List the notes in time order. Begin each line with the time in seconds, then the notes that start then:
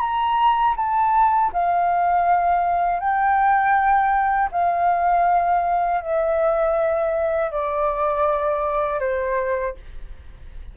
0.00 A#5
0.76 A5
1.53 F5
3.00 G5
4.51 F5
6.01 E5
7.51 D5
9.00 C5